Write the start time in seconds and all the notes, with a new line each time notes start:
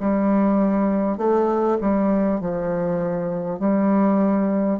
0.00 G3
1.18 A3
1.81 G3
2.41 F3
3.59 G3